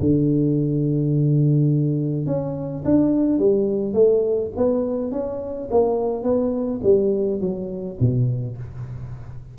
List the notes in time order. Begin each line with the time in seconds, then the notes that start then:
0.00 D3
2.26 C#4
2.85 D4
3.39 G3
3.94 A3
4.57 B3
5.12 C#4
5.71 A#3
6.23 B3
6.83 G3
7.41 F#3
8.00 B2